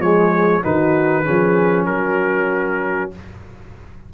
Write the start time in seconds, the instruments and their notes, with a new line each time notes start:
0.00 tuba F3, trombone G#3, horn G#4, trumpet C#5
0.63 tuba D#3, trombone D#4, horn F#4, trumpet B4
1.24 tuba F3, trombone C#4, horn G#4
1.86 tuba F#3, horn F#4, trumpet A#4